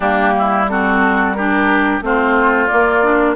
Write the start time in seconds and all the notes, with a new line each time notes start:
0.00 G3 A#3 D4 G4
0.38 E4
0.68 C4 F#4 A4
1.32 D4 G4 A#4
2.01 A3 C4 F4 C5
2.67 A#3 D5
3.03 D4